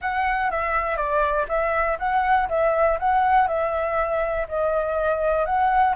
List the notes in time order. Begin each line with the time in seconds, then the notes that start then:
0.01 F#5
0.50 E5
0.97 D5
1.48 E5
1.98 F#5
2.48 E5
2.99 F#5
3.47 E5
4.48 D#5
5.45 F#5